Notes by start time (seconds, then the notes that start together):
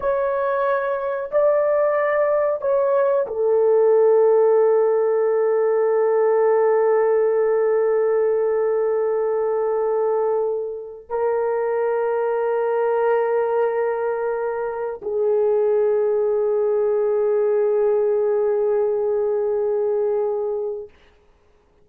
0.00 C#5
1.31 D5
2.61 C#5
3.26 A4
11.09 A#4
15.01 G#4